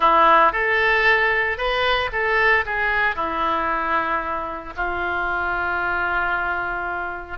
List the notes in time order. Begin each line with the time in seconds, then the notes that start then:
0.00 E4
0.52 A4
1.57 B4
2.12 A4
2.65 G#4
3.15 E4
4.76 F4